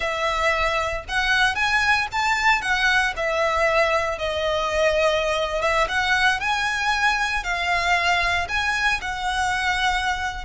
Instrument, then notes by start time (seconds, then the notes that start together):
violin
0.00 E5
1.08 F#5
1.55 G#5
2.11 A5
2.61 F#5
3.16 E5
4.18 D#5
5.61 E5
5.88 F#5
6.40 G#5
7.43 F5
8.48 G#5
9.01 F#5